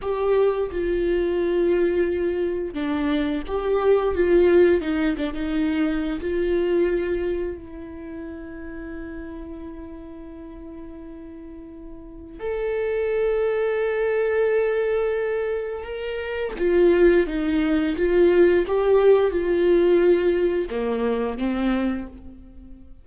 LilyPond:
\new Staff \with { instrumentName = "viola" } { \time 4/4 \tempo 4 = 87 g'4 f'2. | d'4 g'4 f'4 dis'8 d'16 dis'16~ | dis'4 f'2 e'4~ | e'1~ |
e'2 a'2~ | a'2. ais'4 | f'4 dis'4 f'4 g'4 | f'2 ais4 c'4 | }